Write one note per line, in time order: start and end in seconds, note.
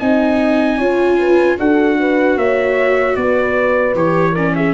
0.00 0.80 C4
0.00 0.80 D#4
0.00 0.78 D#5
0.00 1.58 G#5
0.78 1.59 C#4
0.78 1.58 F4
0.78 1.18 C#5
1.19 1.59 B4
1.58 2.37 D4
1.58 3.95 F#4
1.58 1.99 A4
1.58 2.39 F#5
2.00 2.38 B4
2.37 3.16 A#3
2.37 3.17 C#5
2.37 3.16 E5
3.16 3.95 B3
3.16 4.32 B4
3.16 3.95 D5
3.95 4.74 E3
3.95 4.35 G4
3.95 4.36 C#5
4.32 4.74 C#4
4.32 4.51 A#4
4.32 4.55 D5
4.56 4.74 G#4
4.56 4.74 E5